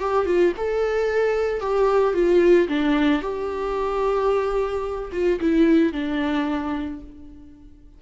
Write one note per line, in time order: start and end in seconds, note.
0.00 0.26 G4
0.26 0.53 F4
0.57 1.61 A4
1.61 2.14 G4
2.14 2.68 F4
2.69 3.22 D4
3.22 5.11 G4
5.13 5.40 F4
5.41 5.93 E4
5.93 7.01 D4